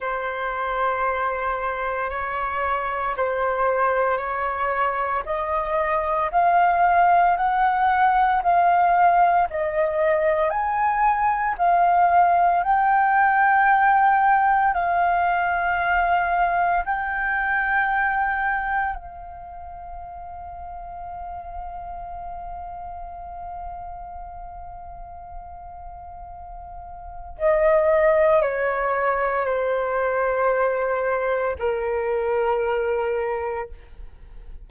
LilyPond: \new Staff \with { instrumentName = "flute" } { \time 4/4 \tempo 4 = 57 c''2 cis''4 c''4 | cis''4 dis''4 f''4 fis''4 | f''4 dis''4 gis''4 f''4 | g''2 f''2 |
g''2 f''2~ | f''1~ | f''2 dis''4 cis''4 | c''2 ais'2 | }